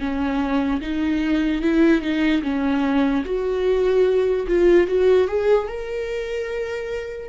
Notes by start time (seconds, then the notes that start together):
0.00 C#4
0.82 D#4
1.63 E4
2.02 D#4
2.43 C#4
3.25 F#4
4.48 F4
4.88 F#4
5.28 G#4
5.68 A#4